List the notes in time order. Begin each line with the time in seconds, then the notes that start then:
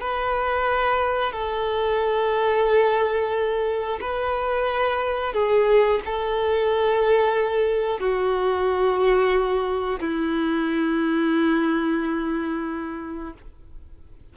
0.00 B4
1.32 A4
4.01 B4
5.33 G#4
6.05 A4
7.99 F#4
10.00 E4